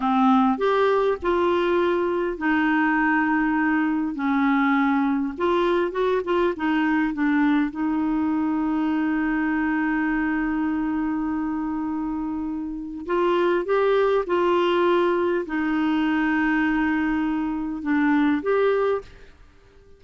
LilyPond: \new Staff \with { instrumentName = "clarinet" } { \time 4/4 \tempo 4 = 101 c'4 g'4 f'2 | dis'2. cis'4~ | cis'4 f'4 fis'8 f'8 dis'4 | d'4 dis'2.~ |
dis'1~ | dis'2 f'4 g'4 | f'2 dis'2~ | dis'2 d'4 g'4 | }